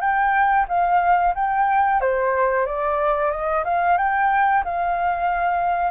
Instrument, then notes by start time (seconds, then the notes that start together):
flute
0.00 G5
0.68 F5
1.35 G5
2.01 C5
2.66 D5
3.31 D#5
3.64 F5
3.97 G5
4.65 F5